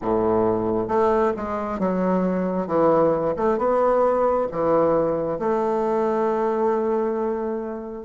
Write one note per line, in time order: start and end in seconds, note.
0.01 0.88 A2
0.88 1.32 A3
1.36 1.79 G#3
1.79 2.67 F#3
2.67 3.34 E3
3.36 3.58 A3
3.58 4.47 B3
4.51 5.39 E3
5.39 8.05 A3